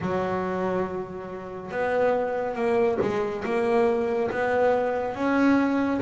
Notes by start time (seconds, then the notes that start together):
0.00 F#3
1.71 B3
2.55 A#3
3.01 G#3
3.44 A#3
4.31 B3
5.14 C#4